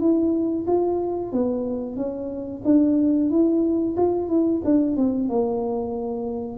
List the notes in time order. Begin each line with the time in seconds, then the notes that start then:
0.00 E4
0.67 F4
1.32 B3
1.96 C#4
2.65 D4
3.30 E4
3.97 F4
4.29 E4
4.65 D4
4.97 C4
5.29 A#3